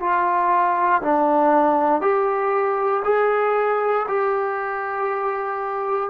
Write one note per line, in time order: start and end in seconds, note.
0.00 1.02 F4
1.02 2.01 D4
2.01 3.03 G4
3.05 4.06 G#4
4.08 6.10 G4